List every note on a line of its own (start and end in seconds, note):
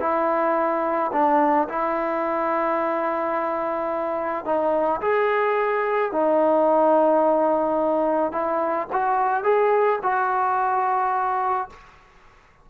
0.00 1.11 E4
1.13 1.68 D4
1.69 4.45 E4
4.45 5.01 D#4
5.02 6.12 G#4
6.12 8.32 D#4
8.32 8.88 E4
8.92 9.44 F#4
9.44 9.99 G#4
10.03 11.70 F#4